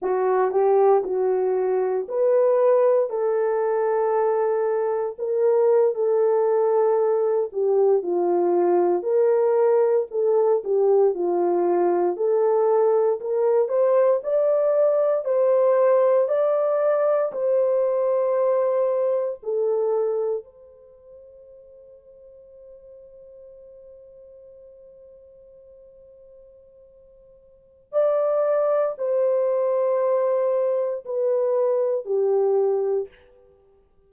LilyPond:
\new Staff \with { instrumentName = "horn" } { \time 4/4 \tempo 4 = 58 fis'8 g'8 fis'4 b'4 a'4~ | a'4 ais'8. a'4. g'8 f'16~ | f'8. ais'4 a'8 g'8 f'4 a'16~ | a'8. ais'8 c''8 d''4 c''4 d''16~ |
d''8. c''2 a'4 c''16~ | c''1~ | c''2. d''4 | c''2 b'4 g'4 | }